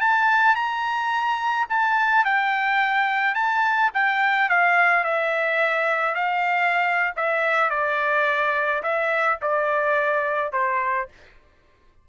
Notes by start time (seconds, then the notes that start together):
0.00 A5
0.55 A#5
1.69 A5
2.24 G5
3.34 A5
3.94 G5
4.49 F5
5.04 E5
6.15 F5
7.16 E5
7.70 D5
8.82 E5
9.41 D5
10.52 C5